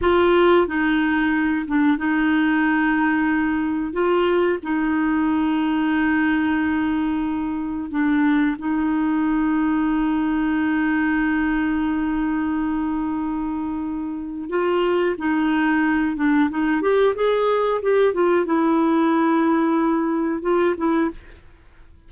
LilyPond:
\new Staff \with { instrumentName = "clarinet" } { \time 4/4 \tempo 4 = 91 f'4 dis'4. d'8 dis'4~ | dis'2 f'4 dis'4~ | dis'1 | d'4 dis'2.~ |
dis'1~ | dis'2 f'4 dis'4~ | dis'8 d'8 dis'8 g'8 gis'4 g'8 f'8 | e'2. f'8 e'8 | }